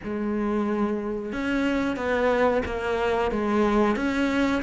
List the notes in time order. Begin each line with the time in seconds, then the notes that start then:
0.03 G#3
1.32 C#4
1.96 B3
2.65 A#3
3.31 G#3
3.96 C#4